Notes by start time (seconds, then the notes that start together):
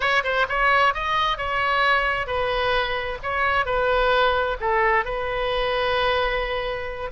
0.00 C#5
0.23 C5
0.49 C#5
0.93 D#5
1.37 C#5
2.27 B4
3.22 C#5
3.65 B4
4.60 A4
5.04 B4